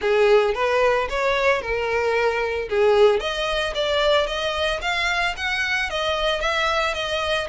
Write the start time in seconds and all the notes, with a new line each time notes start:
0.01 G#4
0.54 B4
1.09 C#5
1.61 A#4
2.69 G#4
3.20 D#5
3.74 D5
4.26 D#5
4.81 F5
5.36 F#5
5.90 D#5
6.40 E5
6.94 D#5